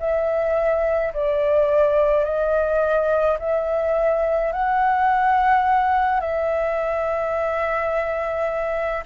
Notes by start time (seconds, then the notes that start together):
0.00 E5
1.14 D5
2.25 D#5
3.40 E5
4.52 F#5
6.21 E5